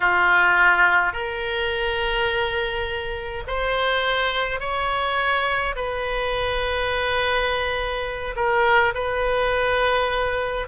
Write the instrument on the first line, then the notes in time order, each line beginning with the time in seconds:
oboe
0.00 F4
1.12 A#4
3.47 C5
4.60 C#5
5.75 B4
8.35 A#4
8.94 B4